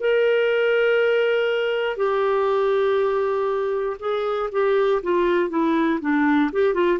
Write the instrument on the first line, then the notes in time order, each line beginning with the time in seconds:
clarinet
0.00 A#4
1.96 G4
3.99 G#4
4.51 G4
5.02 F4
5.49 E4
6.00 D4
6.52 G4
6.74 F4